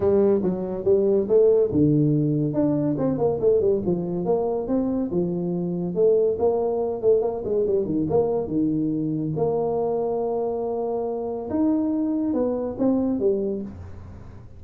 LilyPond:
\new Staff \with { instrumentName = "tuba" } { \time 4/4 \tempo 4 = 141 g4 fis4 g4 a4 | d2 d'4 c'8 ais8 | a8 g8 f4 ais4 c'4 | f2 a4 ais4~ |
ais8 a8 ais8 gis8 g8 dis8 ais4 | dis2 ais2~ | ais2. dis'4~ | dis'4 b4 c'4 g4 | }